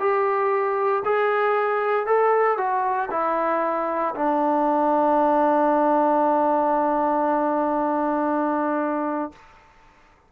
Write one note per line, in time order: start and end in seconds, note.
0.00 1.03 G4
1.05 2.07 G#4
2.07 2.58 A4
2.58 3.09 F#4
3.11 4.14 E4
4.15 9.32 D4